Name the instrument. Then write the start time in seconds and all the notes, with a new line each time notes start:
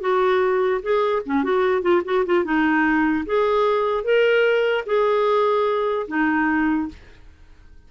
clarinet
0.00 F#4
0.82 G#4
1.25 C#4
1.43 F#4
1.82 F4
2.04 F#4
2.25 F4
2.44 D#4
3.25 G#4
4.04 A#4
4.86 G#4
6.07 D#4